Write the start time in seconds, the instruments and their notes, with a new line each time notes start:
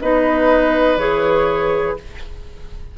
0.00 bassoon B3, clarinet D#4, oboe B4, flute D#5
0.96 bassoon E3, clarinet G#4, flute C#5